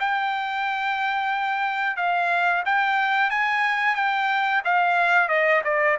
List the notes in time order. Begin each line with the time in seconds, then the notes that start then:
0.00 G5
1.97 F5
2.65 G5
3.30 G#5
3.96 G5
4.65 F5
5.29 D#5
5.64 D5